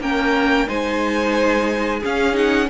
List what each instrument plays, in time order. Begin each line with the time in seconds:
0.00 cello A#3, viola C#4, violin A#4 G5
0.67 cello G#3, viola D#4, violin C5 G#5
2.00 viola C#4, cello C#4, violin G#4 F5
2.33 viola D#4, violin F#5